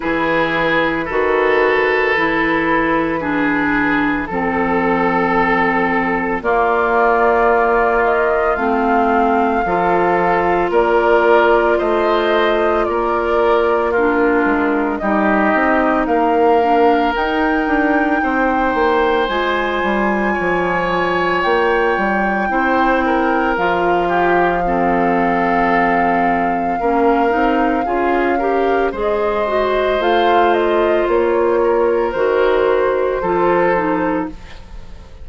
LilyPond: <<
  \new Staff \with { instrumentName = "flute" } { \time 4/4 \tempo 4 = 56 b'1 | a'2 d''4. dis''8 | f''2 d''4 dis''4 | d''4 ais'4 dis''4 f''4 |
g''2 gis''2 | g''2 f''2~ | f''2. dis''4 | f''8 dis''8 cis''4 c''2 | }
  \new Staff \with { instrumentName = "oboe" } { \time 4/4 gis'4 a'2 gis'4 | a'2 f'2~ | f'4 a'4 ais'4 c''4 | ais'4 f'4 g'4 ais'4~ |
ais'4 c''2 cis''4~ | cis''4 c''8 ais'4 g'8 a'4~ | a'4 ais'4 gis'8 ais'8 c''4~ | c''4. ais'4. a'4 | }
  \new Staff \with { instrumentName = "clarinet" } { \time 4/4 e'4 fis'4 e'4 d'4 | c'2 ais2 | c'4 f'2.~ | f'4 d'4 dis'4. d'8 |
dis'2 f'2~ | f'4 e'4 f'4 c'4~ | c'4 cis'8 dis'8 f'8 g'8 gis'8 fis'8 | f'2 fis'4 f'8 dis'8 | }
  \new Staff \with { instrumentName = "bassoon" } { \time 4/4 e4 dis4 e2 | f2 ais2 | a4 f4 ais4 a4 | ais4. gis8 g8 c'8 ais4 |
dis'8 d'8 c'8 ais8 gis8 g8 f4 | ais8 g8 c'4 f2~ | f4 ais8 c'8 cis'4 gis4 | a4 ais4 dis4 f4 | }
>>